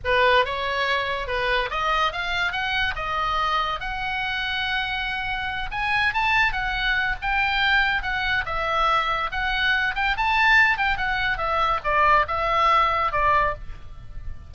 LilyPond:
\new Staff \with { instrumentName = "oboe" } { \time 4/4 \tempo 4 = 142 b'4 cis''2 b'4 | dis''4 f''4 fis''4 dis''4~ | dis''4 fis''2.~ | fis''4. gis''4 a''4 fis''8~ |
fis''4 g''2 fis''4 | e''2 fis''4. g''8 | a''4. g''8 fis''4 e''4 | d''4 e''2 d''4 | }